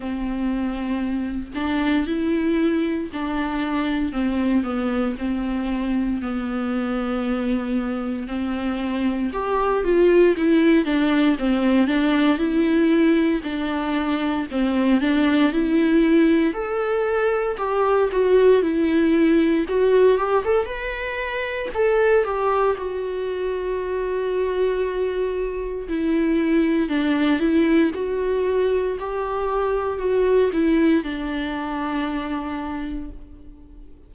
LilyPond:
\new Staff \with { instrumentName = "viola" } { \time 4/4 \tempo 4 = 58 c'4. d'8 e'4 d'4 | c'8 b8 c'4 b2 | c'4 g'8 f'8 e'8 d'8 c'8 d'8 | e'4 d'4 c'8 d'8 e'4 |
a'4 g'8 fis'8 e'4 fis'8 g'16 a'16 | b'4 a'8 g'8 fis'2~ | fis'4 e'4 d'8 e'8 fis'4 | g'4 fis'8 e'8 d'2 | }